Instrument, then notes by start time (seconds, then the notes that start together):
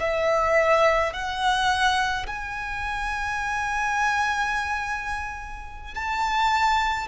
violin
0.00 E5
1.13 F#5
2.27 G#5
5.95 A5